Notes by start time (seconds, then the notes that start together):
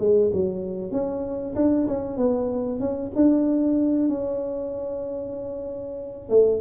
0.00 G#3
0.33 F#3
0.92 C#4
1.56 D4
1.88 C#4
2.17 B3
2.80 C#4
3.16 D4
4.09 C#4
6.30 A3